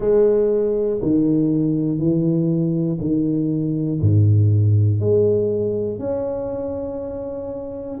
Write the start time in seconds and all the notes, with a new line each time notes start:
0.00 G#3
1.01 D#3
1.98 E3
3.00 D#3
4.00 G#2
5.00 G#3
5.99 C#4